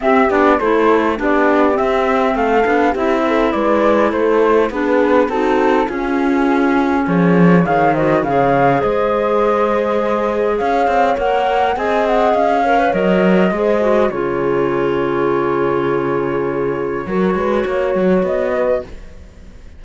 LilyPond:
<<
  \new Staff \with { instrumentName = "flute" } { \time 4/4 \tempo 4 = 102 e''8 d''8 c''4 d''4 e''4 | f''4 e''4 d''4 c''4 | b'4 a'4 gis'2 | cis''4 f''8 dis''8 f''4 dis''4~ |
dis''2 f''4 fis''4 | gis''8 fis''8 f''4 dis''2 | cis''1~ | cis''2. dis''4 | }
  \new Staff \with { instrumentName = "horn" } { \time 4/4 g'4 a'4 g'2 | a'4 g'8 a'8 b'4 a'4 | gis'4 fis'4 f'2 | gis'4 cis''8 c''8 cis''4 c''4~ |
c''2 cis''2 | dis''4. cis''4. c''4 | gis'1~ | gis'4 ais'8 b'8 cis''4. b'8 | }
  \new Staff \with { instrumentName = "clarinet" } { \time 4/4 c'8 d'8 e'4 d'4 c'4~ | c'8 d'8 e'2. | d'4 dis'4 cis'2~ | cis'4 gis'8 fis'8 gis'2~ |
gis'2. ais'4 | gis'4. ais'16 b'16 ais'4 gis'8 fis'8 | f'1~ | f'4 fis'2. | }
  \new Staff \with { instrumentName = "cello" } { \time 4/4 c'8 b8 a4 b4 c'4 | a8 b8 c'4 gis4 a4 | b4 c'4 cis'2 | f4 dis4 cis4 gis4~ |
gis2 cis'8 c'8 ais4 | c'4 cis'4 fis4 gis4 | cis1~ | cis4 fis8 gis8 ais8 fis8 b4 | }
>>